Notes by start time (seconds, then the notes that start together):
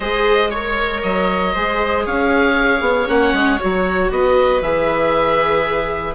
0.00 G#3 G#4 C5 D#5
0.50 A#4 C#5
1.02 F#3 D#5
1.53 G#3 G#4 C5
2.05 C#4 C#5 F5
2.80 B3
3.07 A#3 C#4 F#5
3.32 G#3
3.59 F#3 F#4 C#5
4.10 B3 B4 D#5
4.61 E3 G#4 E5